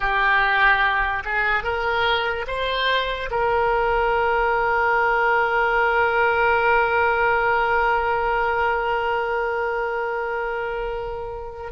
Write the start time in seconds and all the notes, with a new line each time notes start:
0.00 G4
1.24 G#4
1.63 A#4
2.47 C5
3.30 A#4